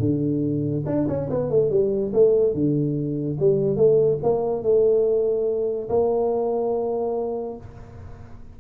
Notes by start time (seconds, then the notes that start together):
0.00 D3
0.86 D4
1.08 C#4
1.30 B3
1.50 A3
1.70 G3
2.13 A3
2.54 D3
3.40 G3
3.77 A3
4.23 A#3
4.63 A3
5.89 A#3